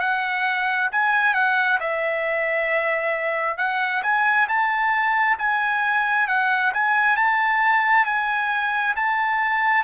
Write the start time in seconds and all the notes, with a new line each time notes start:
0.00 F#5
0.91 G#5
1.34 F#5
1.80 E5
3.57 F#5
4.02 G#5
4.48 A5
5.38 G#5
6.27 F#5
6.73 G#5
7.16 A5
8.05 G#5
8.96 A5